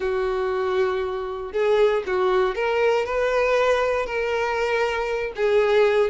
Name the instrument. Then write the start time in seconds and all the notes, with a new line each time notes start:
violin
0.00 F#4
1.52 G#4
2.06 F#4
2.55 A#4
3.05 B4
4.05 A#4
5.36 G#4